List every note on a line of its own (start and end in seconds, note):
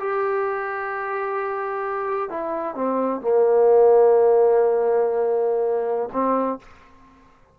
0.00 2.30 G4
2.30 2.75 E4
2.75 3.21 C4
3.21 6.10 A#3
6.13 6.59 C4